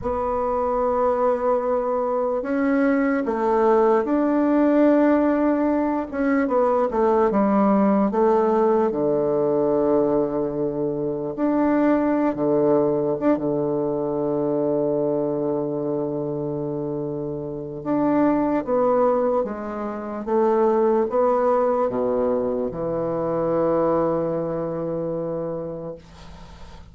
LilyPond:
\new Staff \with { instrumentName = "bassoon" } { \time 4/4 \tempo 4 = 74 b2. cis'4 | a4 d'2~ d'8 cis'8 | b8 a8 g4 a4 d4~ | d2 d'4~ d'16 d8.~ |
d16 d'16 d2.~ d8~ | d2 d'4 b4 | gis4 a4 b4 b,4 | e1 | }